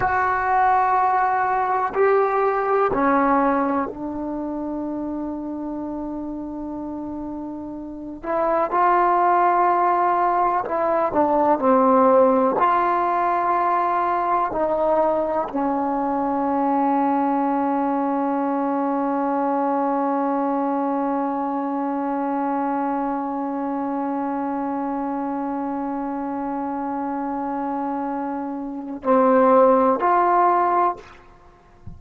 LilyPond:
\new Staff \with { instrumentName = "trombone" } { \time 4/4 \tempo 4 = 62 fis'2 g'4 cis'4 | d'1~ | d'8 e'8 f'2 e'8 d'8 | c'4 f'2 dis'4 |
cis'1~ | cis'1~ | cis'1~ | cis'2 c'4 f'4 | }